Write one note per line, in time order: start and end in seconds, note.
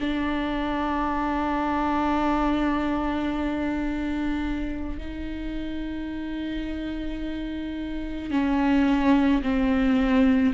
0.00 4.98 D4
4.98 8.31 D#4
8.31 9.42 C#4
9.42 10.53 C4